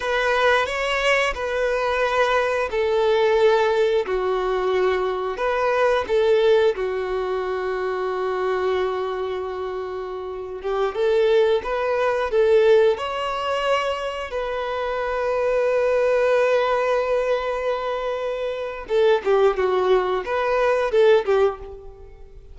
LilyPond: \new Staff \with { instrumentName = "violin" } { \time 4/4 \tempo 4 = 89 b'4 cis''4 b'2 | a'2 fis'2 | b'4 a'4 fis'2~ | fis'2.~ fis'8. g'16~ |
g'16 a'4 b'4 a'4 cis''8.~ | cis''4~ cis''16 b'2~ b'8.~ | b'1 | a'8 g'8 fis'4 b'4 a'8 g'8 | }